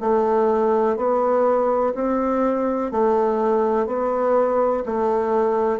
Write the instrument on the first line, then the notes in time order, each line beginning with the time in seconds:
bassoon
0.00 A3
0.96 B3
1.94 C4
2.91 A3
3.86 B3
4.86 A3